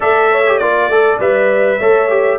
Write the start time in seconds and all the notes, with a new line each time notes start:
0.00 A3 A4 D5 E5
0.31 C#5
0.46 G4
0.57 A#3 F4 D5
0.88 A3 A4
1.19 G3 B4 E5
1.78 A3 A4 C#5
2.09 G4